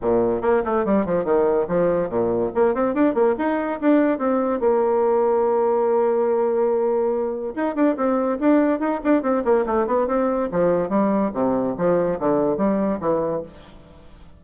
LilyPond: \new Staff \with { instrumentName = "bassoon" } { \time 4/4 \tempo 4 = 143 ais,4 ais8 a8 g8 f8 dis4 | f4 ais,4 ais8 c'8 d'8 ais8 | dis'4 d'4 c'4 ais4~ | ais1~ |
ais2 dis'8 d'8 c'4 | d'4 dis'8 d'8 c'8 ais8 a8 b8 | c'4 f4 g4 c4 | f4 d4 g4 e4 | }